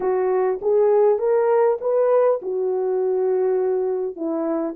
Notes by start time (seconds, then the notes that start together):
0.00 F#4
0.61 G#4
1.18 A#4
1.80 B4
2.42 F#4
4.16 E4